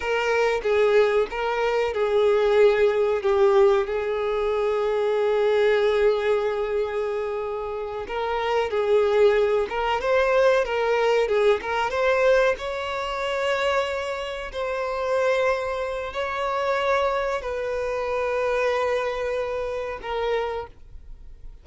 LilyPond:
\new Staff \with { instrumentName = "violin" } { \time 4/4 \tempo 4 = 93 ais'4 gis'4 ais'4 gis'4~ | gis'4 g'4 gis'2~ | gis'1~ | gis'8 ais'4 gis'4. ais'8 c''8~ |
c''8 ais'4 gis'8 ais'8 c''4 cis''8~ | cis''2~ cis''8 c''4.~ | c''4 cis''2 b'4~ | b'2. ais'4 | }